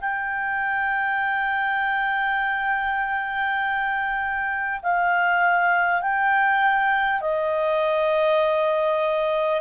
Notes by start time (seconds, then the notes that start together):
0.00 G5
4.82 F5
6.01 G5
7.21 D#5